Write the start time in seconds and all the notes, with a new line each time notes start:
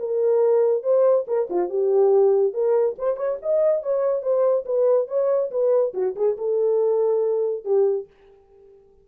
0.00 A#4
0.84 C5
1.28 A#4
1.50 F4
1.70 G4
2.54 A#4
2.98 C5
3.17 C#5
3.43 D#5
3.83 C#5
4.22 C5
4.66 B4
5.09 C#5
5.51 B4
5.94 F#4
6.16 G#4
6.38 A4
7.65 G4